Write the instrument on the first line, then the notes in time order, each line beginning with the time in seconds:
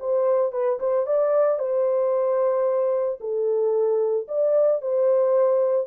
horn
0.00 C5
0.53 B4
0.80 C5
1.07 D5
1.59 C5
3.21 A4
4.28 D5
4.82 C5